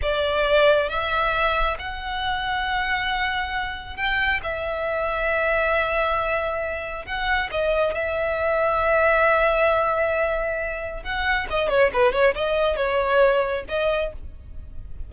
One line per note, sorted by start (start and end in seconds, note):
0.02 0.89 D5
0.89 1.77 E5
1.78 3.96 F#5
3.96 4.40 G5
4.43 7.05 E5
7.05 7.49 F#5
7.51 7.94 D#5
7.94 11.03 E5
11.03 11.47 F#5
11.49 11.69 D#5
11.69 11.91 C#5
11.93 12.12 B4
12.12 12.34 C#5
12.35 12.76 D#5
12.76 13.64 C#5
13.68 14.12 D#5